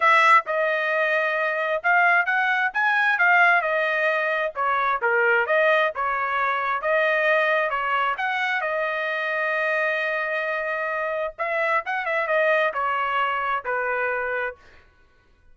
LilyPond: \new Staff \with { instrumentName = "trumpet" } { \time 4/4 \tempo 4 = 132 e''4 dis''2. | f''4 fis''4 gis''4 f''4 | dis''2 cis''4 ais'4 | dis''4 cis''2 dis''4~ |
dis''4 cis''4 fis''4 dis''4~ | dis''1~ | dis''4 e''4 fis''8 e''8 dis''4 | cis''2 b'2 | }